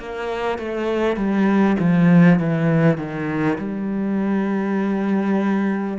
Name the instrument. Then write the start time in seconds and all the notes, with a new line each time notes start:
cello
0.00 A#3
0.59 A3
1.17 G3
1.80 F3
2.39 E3
2.98 D#3
3.58 G3